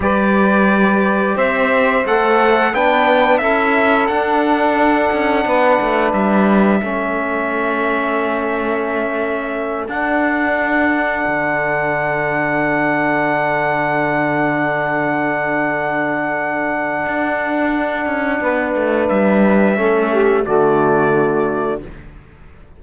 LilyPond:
<<
  \new Staff \with { instrumentName = "trumpet" } { \time 4/4 \tempo 4 = 88 d''2 e''4 fis''4 | g''4 e''4 fis''2~ | fis''4 e''2.~ | e''2~ e''8 fis''4.~ |
fis''1~ | fis''1~ | fis''1 | e''2 d''2 | }
  \new Staff \with { instrumentName = "saxophone" } { \time 4/4 b'2 c''2 | b'4 a'2. | b'2 a'2~ | a'1~ |
a'1~ | a'1~ | a'2. b'4~ | b'4 a'8 g'8 fis'2 | }
  \new Staff \with { instrumentName = "trombone" } { \time 4/4 g'2. a'4 | d'4 e'4 d'2~ | d'2 cis'2~ | cis'2~ cis'8 d'4.~ |
d'1~ | d'1~ | d'1~ | d'4 cis'4 a2 | }
  \new Staff \with { instrumentName = "cello" } { \time 4/4 g2 c'4 a4 | b4 cis'4 d'4. cis'8 | b8 a8 g4 a2~ | a2~ a8 d'4.~ |
d'8 d2.~ d8~ | d1~ | d4 d'4. cis'8 b8 a8 | g4 a4 d2 | }
>>